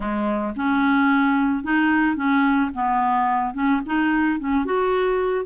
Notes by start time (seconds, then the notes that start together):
0.00 G#3
0.56 C#4
1.63 D#4
2.15 C#4
2.74 B3
3.54 C#4
3.86 D#4
4.39 C#4
4.65 F#4